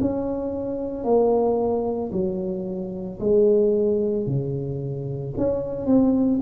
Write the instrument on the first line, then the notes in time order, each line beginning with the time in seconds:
tuba
0.00 C#4
1.04 A#3
2.12 F#3
3.20 G#3
4.27 C#3
5.37 C#4
5.86 C4